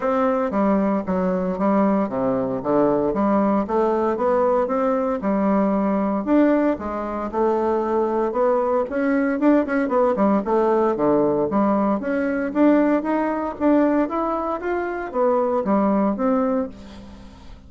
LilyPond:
\new Staff \with { instrumentName = "bassoon" } { \time 4/4 \tempo 4 = 115 c'4 g4 fis4 g4 | c4 d4 g4 a4 | b4 c'4 g2 | d'4 gis4 a2 |
b4 cis'4 d'8 cis'8 b8 g8 | a4 d4 g4 cis'4 | d'4 dis'4 d'4 e'4 | f'4 b4 g4 c'4 | }